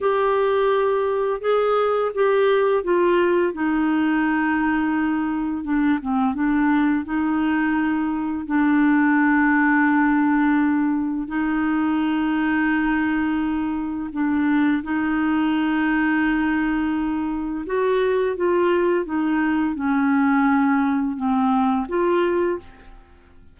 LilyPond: \new Staff \with { instrumentName = "clarinet" } { \time 4/4 \tempo 4 = 85 g'2 gis'4 g'4 | f'4 dis'2. | d'8 c'8 d'4 dis'2 | d'1 |
dis'1 | d'4 dis'2.~ | dis'4 fis'4 f'4 dis'4 | cis'2 c'4 f'4 | }